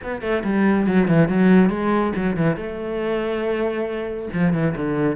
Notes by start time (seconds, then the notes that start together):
0.03 B3
0.21 A3
0.44 G3
0.86 F#3
1.08 E3
1.28 F#3
1.69 G#3
2.15 F#3
2.36 E3
2.56 A3
4.33 F3
4.53 E3
4.76 D3